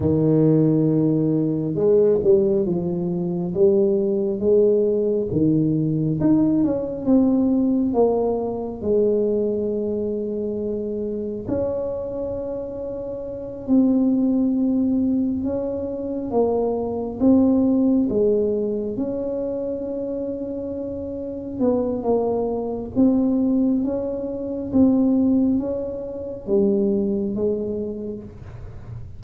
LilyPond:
\new Staff \with { instrumentName = "tuba" } { \time 4/4 \tempo 4 = 68 dis2 gis8 g8 f4 | g4 gis4 dis4 dis'8 cis'8 | c'4 ais4 gis2~ | gis4 cis'2~ cis'8 c'8~ |
c'4. cis'4 ais4 c'8~ | c'8 gis4 cis'2~ cis'8~ | cis'8 b8 ais4 c'4 cis'4 | c'4 cis'4 g4 gis4 | }